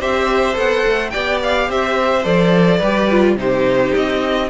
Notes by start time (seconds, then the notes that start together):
0.00 C4 G4 C5 E5
0.54 B3 A4 F#5
0.86 A3
1.11 B3 G4 D5 G5
1.43 F5
1.69 C4 C5 E5
2.24 F3 A4 D5
2.78 G3 G4 B4
3.11 F4
3.36 C3 D#4 G4 C5
3.95 C4 D#5